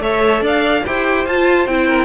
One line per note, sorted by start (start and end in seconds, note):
0.00 0.41 A3
0.00 0.84 A4
0.00 0.42 C#5
0.00 0.44 E5
0.41 0.83 D4
0.41 0.84 D5
0.41 0.86 F5
0.86 1.26 E4
0.86 1.27 G4
0.86 1.88 C5
0.86 1.27 G5
1.26 1.67 F4
1.26 1.69 F4
1.26 1.67 A5
1.67 2.05 C4
1.67 2.05 E4
1.67 2.05 G5
1.88 2.05 A#4